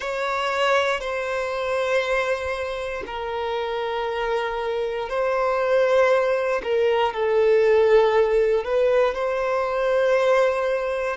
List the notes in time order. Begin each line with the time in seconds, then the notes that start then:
0.00 C#5
1.00 C5
3.06 A#4
5.08 C5
6.63 A#4
7.13 A4
8.64 B4
9.14 C5